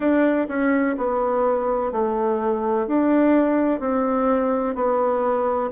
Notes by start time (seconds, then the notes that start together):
0.00 D4
0.48 C#4
0.97 B3
1.91 A3
2.87 D4
3.80 C4
4.75 B3